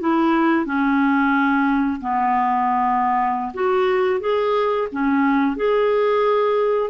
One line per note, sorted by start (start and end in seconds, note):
0.00 0.65 E4
0.65 2.00 C#4
2.00 3.52 B3
3.54 4.20 F#4
4.20 4.87 G#4
4.91 5.56 C#4
5.56 6.90 G#4